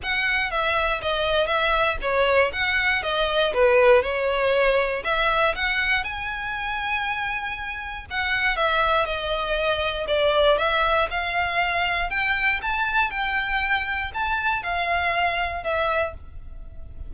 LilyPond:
\new Staff \with { instrumentName = "violin" } { \time 4/4 \tempo 4 = 119 fis''4 e''4 dis''4 e''4 | cis''4 fis''4 dis''4 b'4 | cis''2 e''4 fis''4 | gis''1 |
fis''4 e''4 dis''2 | d''4 e''4 f''2 | g''4 a''4 g''2 | a''4 f''2 e''4 | }